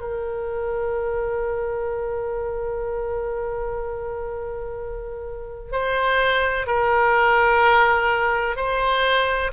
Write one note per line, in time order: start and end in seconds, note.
0.00 5.71 A#4
5.71 6.66 C5
6.66 8.56 A#4
8.56 9.51 C5